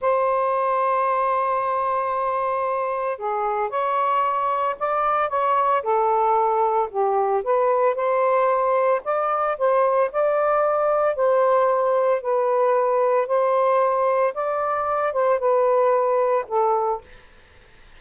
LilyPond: \new Staff \with { instrumentName = "saxophone" } { \time 4/4 \tempo 4 = 113 c''1~ | c''2 gis'4 cis''4~ | cis''4 d''4 cis''4 a'4~ | a'4 g'4 b'4 c''4~ |
c''4 d''4 c''4 d''4~ | d''4 c''2 b'4~ | b'4 c''2 d''4~ | d''8 c''8 b'2 a'4 | }